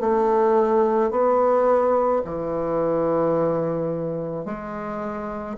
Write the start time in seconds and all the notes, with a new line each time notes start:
0.00 A3
1.11 B3
2.25 E3
4.45 G#3